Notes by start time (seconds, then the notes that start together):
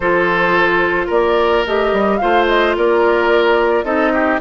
0.00 F3 F4 A4 C5
1.07 A#3 A#4 D5
1.66 A3 G4 D#5
1.92 G3
2.17 A3 F4 C5 F5
2.47 D#5
2.76 A#3 A#4 D5
3.83 C4 D#4 A4 D#5
4.13 G4